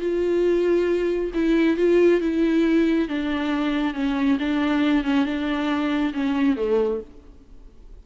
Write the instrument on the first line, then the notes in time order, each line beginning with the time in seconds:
viola
0.00 F4
1.34 E4
1.77 F4
2.21 E4
3.09 D4
3.94 C#4
4.39 D4
5.04 C#4
5.25 D4
6.14 C#4
6.57 A3